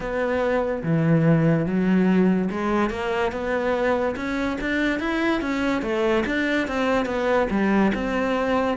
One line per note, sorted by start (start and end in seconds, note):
0.00 0.82 B3
0.83 1.66 E3
1.66 2.49 F#3
2.50 2.90 G#3
2.90 3.31 A#3
3.31 4.15 B3
4.16 4.57 C#4
4.60 4.99 D4
4.99 5.41 E4
5.41 5.82 C#4
5.82 6.23 A3
6.25 6.67 D4
6.67 7.05 C4
7.05 7.47 B3
7.50 7.92 G3
7.94 8.77 C4